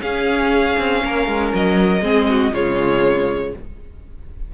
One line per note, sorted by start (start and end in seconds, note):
0.00 2.00 C#4
0.00 0.76 C#4
0.00 1.02 G#4
0.00 1.52 F5
0.78 1.03 C4
1.04 1.27 A#3
1.04 2.01 A#4
1.27 1.52 G#3
1.54 2.01 F#3
1.54 2.54 D#5
2.01 2.51 G#3
2.01 2.52 C4
2.01 2.26 G#4
2.29 2.52 F#4
2.52 3.53 C#3
2.52 3.53 G#3
2.52 3.52 F4
2.52 3.54 C#5